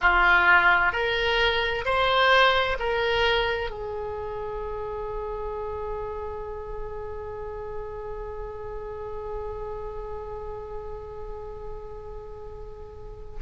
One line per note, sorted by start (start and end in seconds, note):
0.01 0.92 F4
0.92 1.84 A#4
1.85 2.77 C5
2.79 3.70 A#4
3.70 13.39 G#4